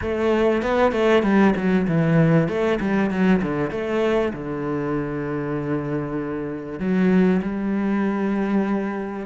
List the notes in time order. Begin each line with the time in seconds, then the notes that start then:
0.01 A3
0.62 B3
0.92 A3
1.23 G3
1.55 F#3
1.87 E3
2.48 A3
2.80 G3
3.10 F#3
3.42 D3
3.71 A3
4.33 D3
6.79 F#3
7.41 G3